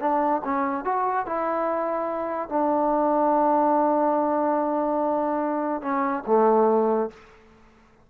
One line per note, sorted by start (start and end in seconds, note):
0.00 0.42 D4
0.44 0.85 C#4
0.85 1.26 F#4
1.26 2.49 E4
2.49 5.82 D4
5.82 6.23 C#4
6.27 7.10 A3